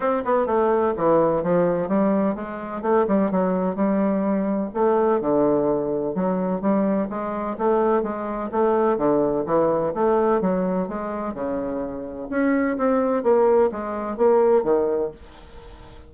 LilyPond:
\new Staff \with { instrumentName = "bassoon" } { \time 4/4 \tempo 4 = 127 c'8 b8 a4 e4 f4 | g4 gis4 a8 g8 fis4 | g2 a4 d4~ | d4 fis4 g4 gis4 |
a4 gis4 a4 d4 | e4 a4 fis4 gis4 | cis2 cis'4 c'4 | ais4 gis4 ais4 dis4 | }